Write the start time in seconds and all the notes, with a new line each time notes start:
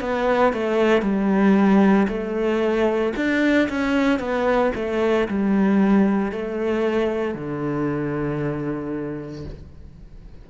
0.00 B3
0.53 A3
1.01 G3
2.07 A3
3.16 D4
3.68 C#4
4.19 B3
4.75 A3
5.28 G3
6.32 A3
7.34 D3